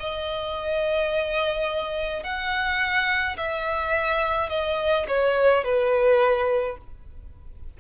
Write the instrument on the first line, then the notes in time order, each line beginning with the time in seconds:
violin
0.00 D#5
2.23 F#5
3.37 E5
4.50 D#5
5.08 C#5
5.64 B4